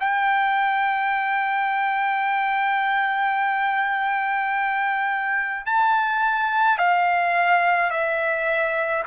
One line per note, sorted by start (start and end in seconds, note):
0.00 5.66 G5
5.66 6.78 A5
6.78 7.90 F5
7.90 9.04 E5